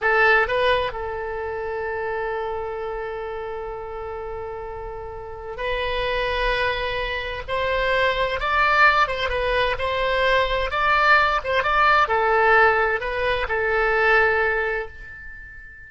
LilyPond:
\new Staff \with { instrumentName = "oboe" } { \time 4/4 \tempo 4 = 129 a'4 b'4 a'2~ | a'1~ | a'1 | b'1 |
c''2 d''4. c''8 | b'4 c''2 d''4~ | d''8 c''8 d''4 a'2 | b'4 a'2. | }